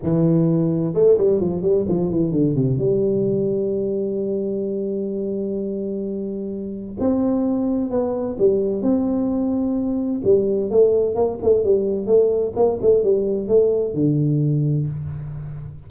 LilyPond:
\new Staff \with { instrumentName = "tuba" } { \time 4/4 \tempo 4 = 129 e2 a8 g8 f8 g8 | f8 e8 d8 c8 g2~ | g1~ | g2. c'4~ |
c'4 b4 g4 c'4~ | c'2 g4 a4 | ais8 a8 g4 a4 ais8 a8 | g4 a4 d2 | }